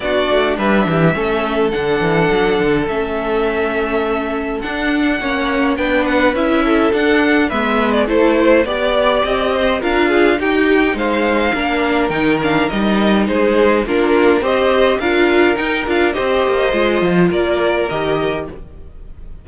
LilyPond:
<<
  \new Staff \with { instrumentName = "violin" } { \time 4/4 \tempo 4 = 104 d''4 e''2 fis''4~ | fis''4 e''2. | fis''2 g''8 fis''8 e''4 | fis''4 e''8. d''16 c''4 d''4 |
dis''4 f''4 g''4 f''4~ | f''4 g''8 f''8 dis''4 c''4 | ais'4 dis''4 f''4 g''8 f''8 | dis''2 d''4 dis''4 | }
  \new Staff \with { instrumentName = "violin" } { \time 4/4 fis'4 b'8 g'8 a'2~ | a'1~ | a'4 cis''4 b'4. a'8~ | a'4 b'4 a'8 c''8 d''4~ |
d''8 c''8 ais'8 gis'8 g'4 c''4 | ais'2. gis'4 | f'4 c''4 ais'2 | c''2 ais'2 | }
  \new Staff \with { instrumentName = "viola" } { \time 4/4 d'2 cis'4 d'4~ | d'4 cis'2. | d'4 cis'4 d'4 e'4 | d'4 b4 e'4 g'4~ |
g'4 f'4 dis'2 | d'4 dis'8 d'8 dis'2 | d'4 g'4 f'4 dis'8 f'8 | g'4 f'2 g'4 | }
  \new Staff \with { instrumentName = "cello" } { \time 4/4 b8 a8 g8 e8 a4 d8 e8 | fis8 d8 a2. | d'4 ais4 b4 cis'4 | d'4 gis4 a4 b4 |
c'4 d'4 dis'4 gis4 | ais4 dis4 g4 gis4 | ais4 c'4 d'4 dis'8 d'8 | c'8 ais8 gis8 f8 ais4 dis4 | }
>>